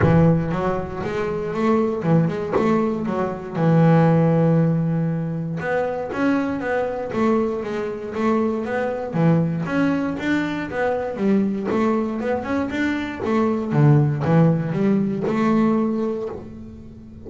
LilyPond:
\new Staff \with { instrumentName = "double bass" } { \time 4/4 \tempo 4 = 118 e4 fis4 gis4 a4 | e8 gis8 a4 fis4 e4~ | e2. b4 | cis'4 b4 a4 gis4 |
a4 b4 e4 cis'4 | d'4 b4 g4 a4 | b8 cis'8 d'4 a4 d4 | e4 g4 a2 | }